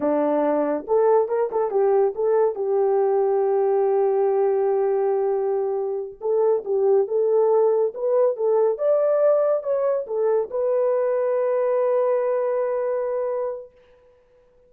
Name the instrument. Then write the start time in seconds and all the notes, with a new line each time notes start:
horn
0.00 D4
0.87 A4
1.28 A#4
1.51 A4
1.70 G4
2.15 A4
2.55 G4
6.20 A4
6.64 G4
7.07 A4
7.94 B4
8.36 A4
8.77 D5
9.63 C#5
10.06 A4
10.50 B4